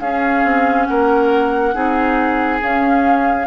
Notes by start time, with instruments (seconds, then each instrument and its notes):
0.00 bassoon C#4, clarinet C#4, oboe G#4, flute F5
0.43 bassoon C4
0.85 bassoon A#3, oboe A#4, flute F#5
1.74 bassoon C4, clarinet D#4, oboe G#4
2.61 clarinet C#4, bassoon C#4, flute F5